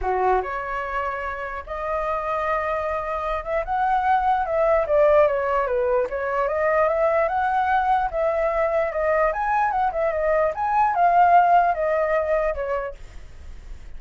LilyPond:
\new Staff \with { instrumentName = "flute" } { \time 4/4 \tempo 4 = 148 fis'4 cis''2. | dis''1~ | dis''8 e''8 fis''2 e''4 | d''4 cis''4 b'4 cis''4 |
dis''4 e''4 fis''2 | e''2 dis''4 gis''4 | fis''8 e''8 dis''4 gis''4 f''4~ | f''4 dis''2 cis''4 | }